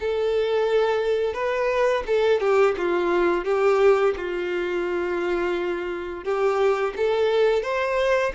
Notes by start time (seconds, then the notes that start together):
0.00 A4
1.34 B4
2.07 A4
2.40 G4
2.77 F4
3.44 G4
4.16 F4
6.24 G4
6.96 A4
7.63 C5